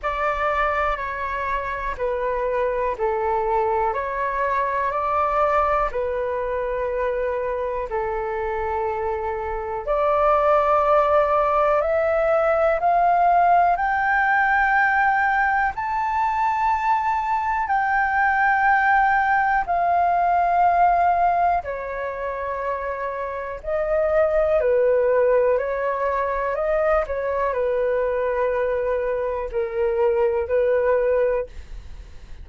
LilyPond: \new Staff \with { instrumentName = "flute" } { \time 4/4 \tempo 4 = 61 d''4 cis''4 b'4 a'4 | cis''4 d''4 b'2 | a'2 d''2 | e''4 f''4 g''2 |
a''2 g''2 | f''2 cis''2 | dis''4 b'4 cis''4 dis''8 cis''8 | b'2 ais'4 b'4 | }